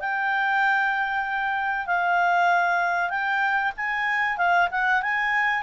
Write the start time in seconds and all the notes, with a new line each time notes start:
0.00 G5
1.86 F5
3.09 G5
3.76 G#5
4.37 F5
4.71 F#5
5.02 G#5